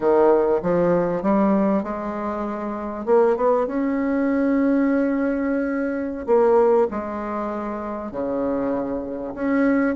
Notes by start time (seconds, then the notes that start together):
0.00 D#3
0.62 F3
1.22 G3
1.83 G#3
3.05 A#3
3.36 B3
3.67 C#4
6.26 A#3
6.90 G#3
8.11 C#3
9.34 C#4